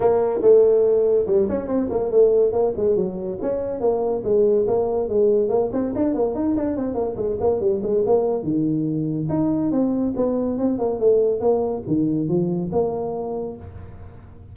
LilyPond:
\new Staff \with { instrumentName = "tuba" } { \time 4/4 \tempo 4 = 142 ais4 a2 g8 cis'8 | c'8 ais8 a4 ais8 gis8 fis4 | cis'4 ais4 gis4 ais4 | gis4 ais8 c'8 d'8 ais8 dis'8 d'8 |
c'8 ais8 gis8 ais8 g8 gis8 ais4 | dis2 dis'4 c'4 | b4 c'8 ais8 a4 ais4 | dis4 f4 ais2 | }